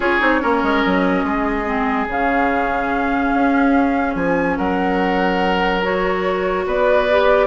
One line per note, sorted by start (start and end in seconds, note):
0.00 0.20 C#4
0.00 0.19 F4
0.00 0.41 G#4
0.00 0.81 C#5
0.20 0.42 C4
0.20 0.40 D#4
0.40 0.62 A#3
0.40 1.65 C#4
0.40 1.25 A#4
0.62 0.83 G#3
0.81 1.23 F#3
0.81 2.06 D#5
1.23 2.07 G#3
1.23 4.57 G#4
1.65 2.07 C4
2.07 3.32 C#3
2.07 5.83 C#4
2.07 4.14 F5
3.34 4.15 C#4
4.14 4.57 F3
4.14 4.56 G#5
4.57 6.66 F#3
4.57 6.65 A#4
4.57 5.82 F#5
5.83 7.08 F#4
5.83 6.67 C#5
6.66 7.46 B3
6.66 7.46 B4
6.66 7.46 D5
7.10 7.46 G4